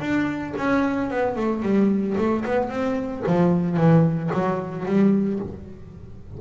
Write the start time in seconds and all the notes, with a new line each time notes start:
0.00 D4
0.57 C#4
1.10 B3
1.36 A3
1.62 G3
2.17 A3
2.45 B3
2.69 C4
3.27 F3
3.76 E3
4.33 F#3
4.85 G3